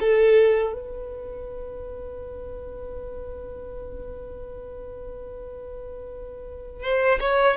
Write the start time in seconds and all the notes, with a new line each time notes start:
0.00 A4
0.73 B4
6.82 C5
7.20 C#5